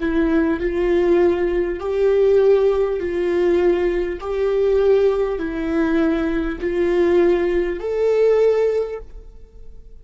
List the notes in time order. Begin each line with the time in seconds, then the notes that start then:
0.00 E4
0.60 F4
1.80 G4
3.00 F4
4.21 G4
5.39 E4
6.61 F4
7.80 A4